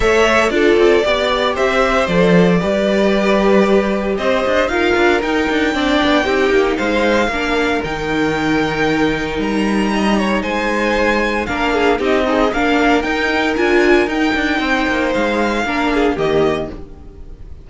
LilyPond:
<<
  \new Staff \with { instrumentName = "violin" } { \time 4/4 \tempo 4 = 115 e''4 d''2 e''4 | d''1 | dis''4 f''4 g''2~ | g''4 f''2 g''4~ |
g''2 ais''2 | gis''2 f''4 dis''4 | f''4 g''4 gis''4 g''4~ | g''4 f''2 dis''4 | }
  \new Staff \with { instrumentName = "violin" } { \time 4/4 cis''4 a'4 d''4 c''4~ | c''4 b'2. | c''4 ais'2 d''4 | g'4 c''4 ais'2~ |
ais'2. dis''8 cis''8 | c''2 ais'8 gis'8 g'8 dis'8 | ais'1 | c''2 ais'8 gis'8 g'4 | }
  \new Staff \with { instrumentName = "viola" } { \time 4/4 a'4 f'4 g'2 | a'4 g'2.~ | g'4 f'4 dis'4 d'4 | dis'2 d'4 dis'4~ |
dis'1~ | dis'2 d'4 dis'8 gis'8 | d'4 dis'4 f'4 dis'4~ | dis'2 d'4 ais4 | }
  \new Staff \with { instrumentName = "cello" } { \time 4/4 a4 d'8 c'8 b4 c'4 | f4 g2. | c'8 d'8 dis'8 d'8 dis'8 d'8 c'8 b8 | c'8 ais8 gis4 ais4 dis4~ |
dis2 g2 | gis2 ais4 c'4 | ais4 dis'4 d'4 dis'8 d'8 | c'8 ais8 gis4 ais4 dis4 | }
>>